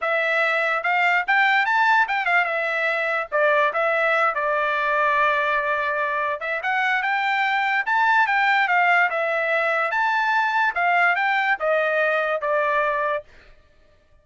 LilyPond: \new Staff \with { instrumentName = "trumpet" } { \time 4/4 \tempo 4 = 145 e''2 f''4 g''4 | a''4 g''8 f''8 e''2 | d''4 e''4. d''4.~ | d''2.~ d''8 e''8 |
fis''4 g''2 a''4 | g''4 f''4 e''2 | a''2 f''4 g''4 | dis''2 d''2 | }